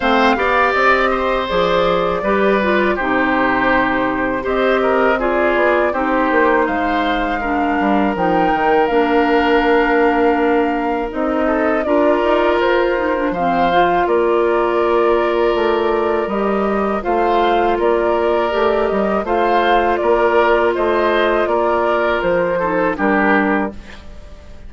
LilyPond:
<<
  \new Staff \with { instrumentName = "flute" } { \time 4/4 \tempo 4 = 81 f''4 dis''4 d''2 | c''2 dis''4 d''4 | c''4 f''2 g''4 | f''2. dis''4 |
d''4 c''4 f''4 d''4~ | d''2 dis''4 f''4 | d''4. dis''8 f''4 d''4 | dis''4 d''4 c''4 ais'4 | }
  \new Staff \with { instrumentName = "oboe" } { \time 4/4 c''8 d''4 c''4. b'4 | g'2 c''8 ais'8 gis'4 | g'4 c''4 ais'2~ | ais'2.~ ais'8 a'8 |
ais'2 c''4 ais'4~ | ais'2. c''4 | ais'2 c''4 ais'4 | c''4 ais'4. a'8 g'4 | }
  \new Staff \with { instrumentName = "clarinet" } { \time 4/4 c'8 g'4. gis'4 g'8 f'8 | dis'2 g'4 f'4 | dis'2 d'4 dis'4 | d'2. dis'4 |
f'4. dis'16 d'16 c'8 f'4.~ | f'2 g'4 f'4~ | f'4 g'4 f'2~ | f'2~ f'8 dis'8 d'4 | }
  \new Staff \with { instrumentName = "bassoon" } { \time 4/4 a8 b8 c'4 f4 g4 | c2 c'4. b8 | c'8 ais8 gis4. g8 f8 dis8 | ais2. c'4 |
d'8 dis'8 f'4 f4 ais4~ | ais4 a4 g4 a4 | ais4 a8 g8 a4 ais4 | a4 ais4 f4 g4 | }
>>